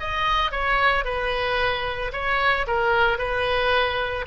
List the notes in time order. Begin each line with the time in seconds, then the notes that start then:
0.00 D#5
0.51 C#5
1.05 B4
2.13 C#5
2.67 A#4
3.19 B4